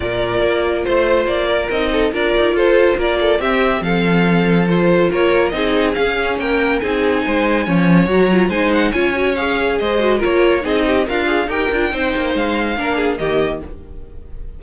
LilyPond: <<
  \new Staff \with { instrumentName = "violin" } { \time 4/4 \tempo 4 = 141 d''2 c''4 d''4 | dis''4 d''4 c''4 d''4 | e''4 f''2 c''4 | cis''4 dis''4 f''4 g''4 |
gis''2. ais''4 | gis''8 fis''8 gis''4 f''4 dis''4 | cis''4 dis''4 f''4 g''4~ | g''4 f''2 dis''4 | }
  \new Staff \with { instrumentName = "violin" } { \time 4/4 ais'2 c''4. ais'8~ | ais'8 a'8 ais'4 a'4 ais'8 a'8 | g'4 a'2. | ais'4 gis'2 ais'4 |
gis'4 c''4 cis''2 | c''4 cis''2 c''4 | ais'4 gis'8 g'8 f'4 ais'4 | c''2 ais'8 gis'8 g'4 | }
  \new Staff \with { instrumentName = "viola" } { \time 4/4 f'1 | dis'4 f'2. | c'2. f'4~ | f'4 dis'4 cis'2 |
dis'2 cis'4 fis'8 f'8 | dis'4 f'8 fis'8 gis'4. fis'8 | f'4 dis'4 ais'8 gis'8 g'8 f'8 | dis'2 d'4 ais4 | }
  \new Staff \with { instrumentName = "cello" } { \time 4/4 ais,4 ais4 a4 ais4 | c'4 d'8 dis'8 f'4 ais4 | c'4 f2. | ais4 c'4 cis'4 ais4 |
c'4 gis4 f4 fis4 | gis4 cis'2 gis4 | ais4 c'4 d'4 dis'8 d'8 | c'8 ais8 gis4 ais4 dis4 | }
>>